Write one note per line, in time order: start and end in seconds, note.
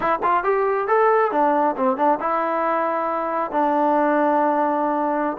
0.00 0.19 E4
0.22 0.43 F4
0.43 0.87 G4
0.87 1.31 A4
1.31 1.75 D4
1.77 1.96 C4
1.96 2.18 D4
2.19 3.51 E4
3.51 5.37 D4